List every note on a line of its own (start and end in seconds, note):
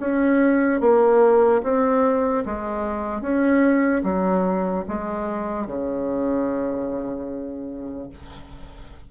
0.00 0.81 C#4
0.81 1.62 A#3
1.63 2.44 C4
2.45 3.21 G#3
3.21 4.02 C#4
4.04 4.85 F#3
4.88 5.67 G#3
5.67 8.10 C#3